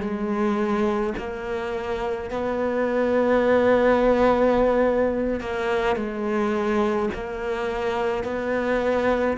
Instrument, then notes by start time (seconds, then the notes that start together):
cello
0.00 G#3
1.17 A#3
2.30 B3
5.40 A#3
5.96 G#3
7.14 A#3
8.23 B3